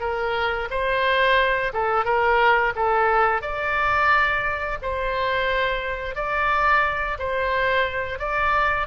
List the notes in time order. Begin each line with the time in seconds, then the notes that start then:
0.00 A#4
0.70 C5
1.73 A4
2.05 A#4
2.76 A4
3.42 D5
4.82 C5
6.15 D5
7.19 C5
8.19 D5